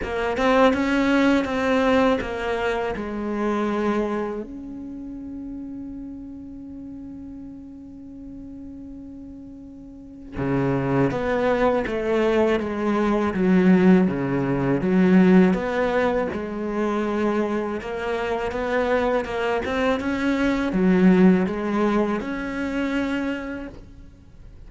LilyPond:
\new Staff \with { instrumentName = "cello" } { \time 4/4 \tempo 4 = 81 ais8 c'8 cis'4 c'4 ais4 | gis2 cis'2~ | cis'1~ | cis'2 cis4 b4 |
a4 gis4 fis4 cis4 | fis4 b4 gis2 | ais4 b4 ais8 c'8 cis'4 | fis4 gis4 cis'2 | }